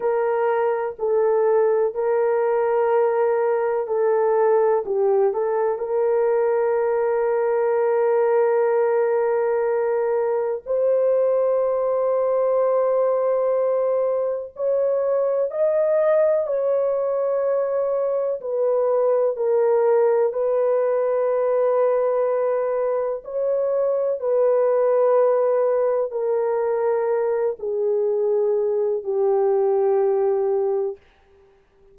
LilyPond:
\new Staff \with { instrumentName = "horn" } { \time 4/4 \tempo 4 = 62 ais'4 a'4 ais'2 | a'4 g'8 a'8 ais'2~ | ais'2. c''4~ | c''2. cis''4 |
dis''4 cis''2 b'4 | ais'4 b'2. | cis''4 b'2 ais'4~ | ais'8 gis'4. g'2 | }